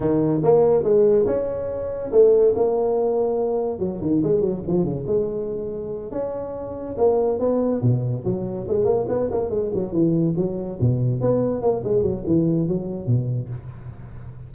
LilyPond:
\new Staff \with { instrumentName = "tuba" } { \time 4/4 \tempo 4 = 142 dis4 ais4 gis4 cis'4~ | cis'4 a4 ais2~ | ais4 fis8 dis8 gis8 fis8 f8 cis8 | gis2~ gis8 cis'4.~ |
cis'8 ais4 b4 b,4 fis8~ | fis8 gis8 ais8 b8 ais8 gis8 fis8 e8~ | e8 fis4 b,4 b4 ais8 | gis8 fis8 e4 fis4 b,4 | }